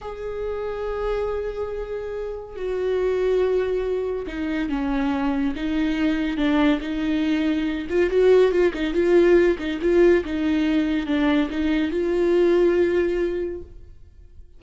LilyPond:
\new Staff \with { instrumentName = "viola" } { \time 4/4 \tempo 4 = 141 gis'1~ | gis'2 fis'2~ | fis'2 dis'4 cis'4~ | cis'4 dis'2 d'4 |
dis'2~ dis'8 f'8 fis'4 | f'8 dis'8 f'4. dis'8 f'4 | dis'2 d'4 dis'4 | f'1 | }